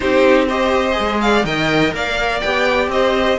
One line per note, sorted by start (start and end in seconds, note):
0.00 0.98 C4
0.00 0.48 D#4
0.00 0.47 G4
0.00 0.48 C5
0.47 0.92 G4
0.47 1.20 C5
0.47 1.21 D#5
0.92 1.40 G#4
0.99 1.44 G#3
1.21 1.45 D5
1.21 1.45 F5
1.44 1.92 D#3
1.44 2.43 A#4
1.44 1.93 D#5
1.44 1.93 G5
1.93 2.42 A#3
1.93 2.92 D5
1.93 2.40 F5
2.40 2.88 B3
2.40 3.39 G4
2.40 2.88 G5
2.88 3.36 C4
2.88 3.39 C5
2.88 3.39 D#5